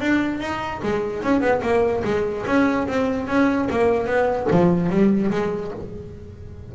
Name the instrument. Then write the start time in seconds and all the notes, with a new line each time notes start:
double bass
0.00 D4
0.40 D#4
0.83 G#3
1.22 C#4
1.41 B3
1.62 A#3
2.04 G#3
2.46 C#4
2.87 C4
3.27 C#4
3.70 A#3
4.06 B3
4.51 F3
4.89 G3
5.30 G#3